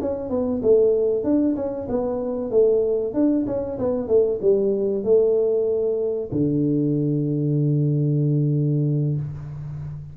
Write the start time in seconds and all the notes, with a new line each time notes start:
0.00 C#4
0.30 B3
0.62 A3
1.23 D4
1.55 C#4
1.88 B3
2.50 A3
3.13 D4
3.46 C#4
3.78 B3
4.07 A3
4.41 G3
5.03 A3
6.32 D3